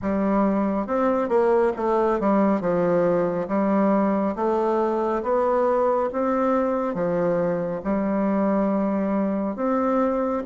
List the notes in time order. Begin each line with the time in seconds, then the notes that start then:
0.02 G3
0.86 C4
1.28 A#3
1.76 A3
2.20 G3
2.60 F3
3.48 G3
4.35 A3
5.22 B3
6.12 C4
6.94 F3
7.83 G3
9.56 C4